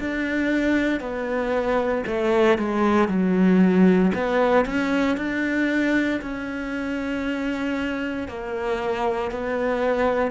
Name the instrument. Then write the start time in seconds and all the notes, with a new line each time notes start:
cello
0.00 D4
1.01 B3
2.07 A3
2.59 G#3
3.09 F#3
4.15 B3
4.66 C#4
5.17 D4
6.22 C#4
8.29 A#3
9.31 B3